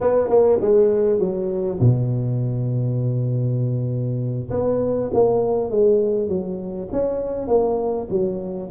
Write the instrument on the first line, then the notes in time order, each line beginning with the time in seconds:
tuba
0.01 B3
0.29 A#3
0.61 G#3
1.19 F#3
1.80 B2
4.50 B3
5.13 A#3
5.70 G#3
6.28 F#3
6.92 C#4
7.47 A#3
8.10 F#3